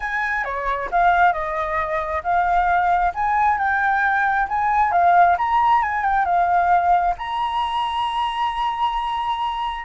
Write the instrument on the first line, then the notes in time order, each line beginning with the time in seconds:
flute
0.00 G#5
0.44 C#5
0.91 F5
1.32 D#5
2.23 F5
3.14 G#5
3.58 G5
4.48 G#5
4.91 F5
5.37 A#5
5.82 G#5
6.04 G5
6.25 F5
7.17 A#5